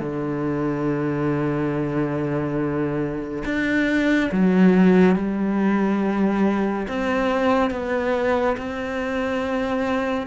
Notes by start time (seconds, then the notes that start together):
0.00 D3
3.45 D4
4.31 F#3
5.15 G3
6.88 C4
7.71 B3
8.57 C4